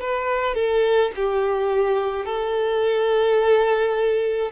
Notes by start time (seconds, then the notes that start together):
0.00 B4
0.55 A4
1.16 G4
2.25 A4